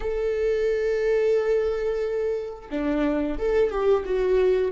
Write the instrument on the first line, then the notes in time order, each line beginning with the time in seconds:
viola
0.00 A4
2.70 D4
3.38 A4
3.70 G4
4.05 F#4